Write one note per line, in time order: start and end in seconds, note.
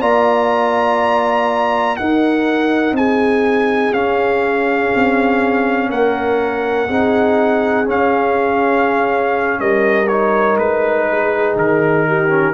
0.00 1.97 A#3
0.00 1.97 F4
0.00 1.97 D5
0.00 1.96 A#5
1.96 3.93 D#4
1.96 2.91 D#4
1.96 2.96 A#4
1.96 2.94 F#5
2.91 3.90 C4
2.91 5.90 G#4
2.91 3.93 G#5
3.92 4.91 C#4
3.92 6.88 C#4
3.92 5.90 F5
4.95 5.89 C4
5.89 6.88 A#3
5.89 6.88 A#4
5.89 7.87 F#5
6.88 7.87 C4
6.88 7.85 D#4
6.88 9.59 G#4
7.85 10.06 C#4
7.85 9.59 C#4
7.85 9.60 F5
9.59 10.57 G3
9.59 11.08 A#4
9.59 10.07 D#5
10.07 12.28 D#4
10.07 10.57 C#5
10.57 11.55 G#3
10.57 11.56 B4
11.10 12.07 G#4
11.56 12.53 D#3
11.56 12.53 A#4
12.07 12.53 G4
12.28 12.53 C#4